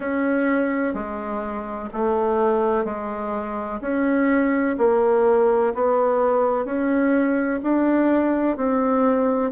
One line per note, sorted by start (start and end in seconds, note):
0.00 0.94 C#4
0.94 1.89 G#3
1.93 2.84 A3
2.84 3.80 G#3
3.81 4.76 C#4
4.78 5.73 A#3
5.74 6.65 B3
6.65 7.60 C#4
7.62 8.56 D4
8.56 9.51 C4